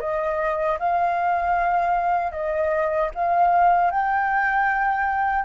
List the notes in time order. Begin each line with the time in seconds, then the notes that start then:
0.00 D#5
0.80 F5
2.32 D#5
3.15 F5
3.91 G5